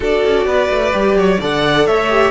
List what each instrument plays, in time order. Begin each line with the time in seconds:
0.00 cello D4, viola F#4, violin A4 D5
0.24 cello C#4
0.45 cello B3, violin B4
0.70 cello A3
0.92 cello G3, viola G4
1.14 cello F#3, violin C#5
1.40 cello D3, viola A4, violin D5 F#5
1.87 cello A3, violin C#5 E5
2.09 viola G4